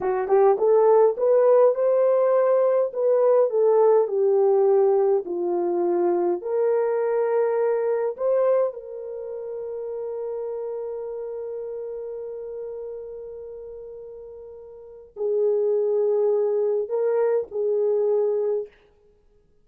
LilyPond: \new Staff \with { instrumentName = "horn" } { \time 4/4 \tempo 4 = 103 fis'8 g'8 a'4 b'4 c''4~ | c''4 b'4 a'4 g'4~ | g'4 f'2 ais'4~ | ais'2 c''4 ais'4~ |
ais'1~ | ais'1~ | ais'2 gis'2~ | gis'4 ais'4 gis'2 | }